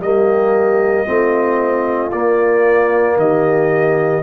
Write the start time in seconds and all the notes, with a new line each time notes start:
0.00 G3 A#3 G4 D#5
1.06 A3 C4 F4
2.11 A#3 D5
3.16 D#3 G4 D#5